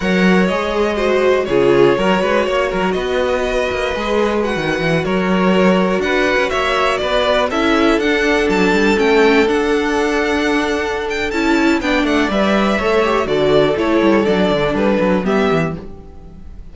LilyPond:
<<
  \new Staff \with { instrumentName = "violin" } { \time 4/4 \tempo 4 = 122 fis''4 dis''2 cis''4~ | cis''2 dis''2~ | dis''4 fis''4~ fis''16 cis''4.~ cis''16~ | cis''16 fis''4 e''4 d''4 e''8.~ |
e''16 fis''4 a''4 g''4 fis''8.~ | fis''2~ fis''8 g''8 a''4 | g''8 fis''8 e''2 d''4 | cis''4 d''4 b'4 e''4 | }
  \new Staff \with { instrumentName = "violin" } { \time 4/4 cis''2 c''4 gis'4 | ais'8 b'8 cis''8 ais'8 b'2~ | b'2~ b'16 ais'4.~ ais'16~ | ais'16 b'4 cis''4 b'4 a'8.~ |
a'1~ | a'1 | d''2 cis''4 a'4~ | a'2. g'4 | }
  \new Staff \with { instrumentName = "viola" } { \time 4/4 ais'4 gis'4 fis'4 f'4 | fis'1 | gis'4 fis'2.~ | fis'2.~ fis'16 e'8.~ |
e'16 d'2 cis'4 d'8.~ | d'2. e'4 | d'4 b'4 a'8 g'8 fis'4 | e'4 d'2 b4 | }
  \new Staff \with { instrumentName = "cello" } { \time 4/4 fis4 gis2 cis4 | fis8 gis8 ais8 fis8 b4. ais8 | gis4~ gis16 dis8 e8 fis4.~ fis16~ | fis16 d'8. cis'16 ais4 b4 cis'8.~ |
cis'16 d'4 fis8 g8 a4 d'8.~ | d'2. cis'4 | b8 a8 g4 a4 d4 | a8 g8 fis8 d8 g8 fis8 g8 e8 | }
>>